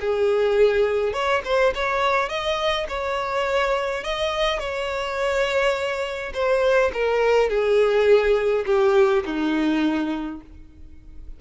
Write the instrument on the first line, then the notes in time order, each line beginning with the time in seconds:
violin
0.00 G#4
1.13 C#5
1.44 C5
1.74 C#5
2.29 D#5
2.88 C#5
4.04 D#5
4.59 C#5
6.34 C5
6.93 A#4
7.49 G#4
8.66 G4
9.25 D#4